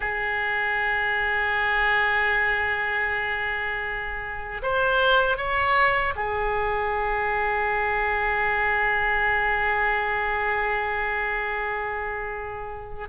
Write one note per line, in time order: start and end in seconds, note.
0.00 4.62 G#4
4.62 5.37 C5
5.37 6.14 C#5
6.15 13.08 G#4